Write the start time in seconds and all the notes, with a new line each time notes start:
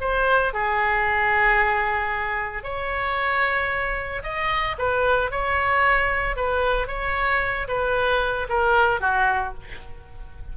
0.00 C5
0.53 G#4
2.63 C#5
4.23 D#5
4.78 B4
5.31 C#5
6.36 B4
6.87 C#5
7.67 B4
8.49 A#4
9.00 F#4